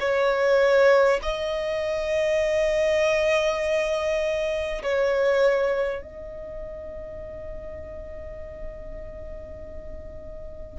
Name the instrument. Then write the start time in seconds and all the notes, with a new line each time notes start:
violin
0.00 C#5
1.23 D#5
4.83 C#5
6.02 D#5